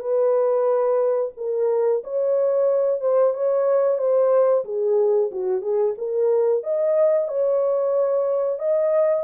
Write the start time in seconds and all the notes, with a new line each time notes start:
0.00 B4
1.37 A#4
2.04 C#5
3.01 C5
3.34 C#5
3.99 C5
4.65 G#4
5.31 F#4
5.62 G#4
5.98 A#4
6.64 D#5
7.28 C#5
8.59 D#5